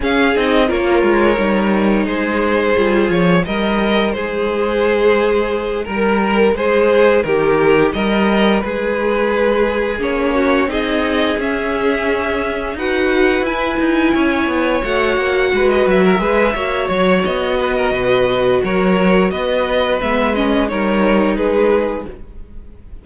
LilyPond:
<<
  \new Staff \with { instrumentName = "violin" } { \time 4/4 \tempo 4 = 87 f''8 dis''8 cis''2 c''4~ | c''8 cis''8 dis''4 c''2~ | c''8 ais'4 c''4 ais'4 dis''8~ | dis''8 b'2 cis''4 dis''8~ |
dis''8 e''2 fis''4 gis''8~ | gis''4. fis''4~ fis''16 dis''16 e''4~ | e''8 cis''8 dis''2 cis''4 | dis''4 e''8 dis''8 cis''4 b'4 | }
  \new Staff \with { instrumentName = "violin" } { \time 4/4 gis'4 ais'2 gis'4~ | gis'4 ais'4 gis'2~ | gis'8 ais'4 gis'4 g'4 ais'8~ | ais'8 gis'2~ gis'8 fis'8 gis'8~ |
gis'2~ gis'8 b'4.~ | b'8 cis''2 b'8. ais'16 b'8 | cis''4. b'16 ais'16 b'4 ais'4 | b'2 ais'4 gis'4 | }
  \new Staff \with { instrumentName = "viola" } { \time 4/4 cis'8 dis'8 f'4 dis'2 | f'4 dis'2.~ | dis'1~ | dis'2~ dis'8 cis'4 dis'8~ |
dis'8 cis'2 fis'4 e'8~ | e'4. fis'2 gis'8 | fis'1~ | fis'4 b8 cis'8 dis'2 | }
  \new Staff \with { instrumentName = "cello" } { \time 4/4 cis'8 c'8 ais8 gis8 g4 gis4 | g8 f8 g4 gis2~ | gis8 g4 gis4 dis4 g8~ | g8 gis2 ais4 c'8~ |
c'8 cis'2 dis'4 e'8 | dis'8 cis'8 b8 a8 ais8 gis8 fis8 gis8 | ais8 fis8 b4 b,4 fis4 | b4 gis4 g4 gis4 | }
>>